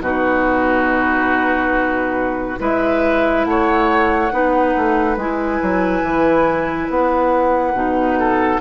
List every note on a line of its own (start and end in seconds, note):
0.00 2.57 B2
0.00 2.59 D#4
0.00 2.60 F#4
0.00 2.60 B4
2.59 3.46 G#3
2.59 4.31 E4
2.59 3.46 B4
2.59 3.46 E5
3.46 4.31 A3
3.46 4.33 C#5
3.46 5.17 F#5
4.31 4.75 B3
4.31 5.17 D#4
4.31 8.19 B4
4.76 5.17 A3
5.17 5.60 G#3
5.17 7.75 E4
5.17 6.90 G#5
5.63 6.03 F#3
6.03 6.88 E3
6.90 7.74 B3
6.90 8.61 F#5
7.74 8.60 B2
7.74 8.61 D#4
8.19 8.61 A4